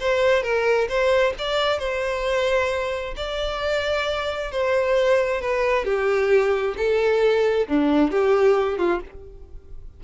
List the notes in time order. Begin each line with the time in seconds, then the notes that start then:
0.00 C5
0.43 A#4
0.89 C5
1.39 D5
1.79 C5
3.17 D5
4.52 C5
5.42 B4
5.85 G4
6.78 A4
7.68 D4
8.11 G4
8.78 F4